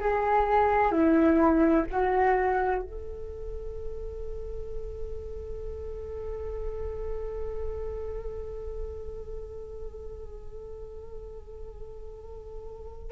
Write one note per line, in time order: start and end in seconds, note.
0.00 0.91 G#4
0.91 1.85 E4
1.90 2.82 F#4
2.82 13.11 A4